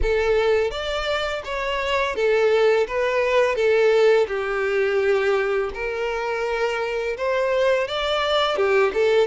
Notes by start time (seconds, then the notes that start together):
0.02 A4
0.70 D5
1.44 C#5
2.15 A4
2.87 B4
3.55 A4
4.27 G4
5.74 A#4
7.17 C5
7.87 D5
8.56 G4
8.93 A4